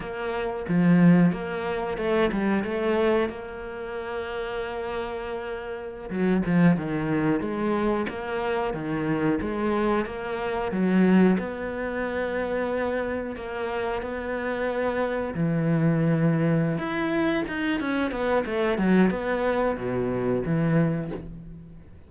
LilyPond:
\new Staff \with { instrumentName = "cello" } { \time 4/4 \tempo 4 = 91 ais4 f4 ais4 a8 g8 | a4 ais2.~ | ais4~ ais16 fis8 f8 dis4 gis8.~ | gis16 ais4 dis4 gis4 ais8.~ |
ais16 fis4 b2~ b8.~ | b16 ais4 b2 e8.~ | e4. e'4 dis'8 cis'8 b8 | a8 fis8 b4 b,4 e4 | }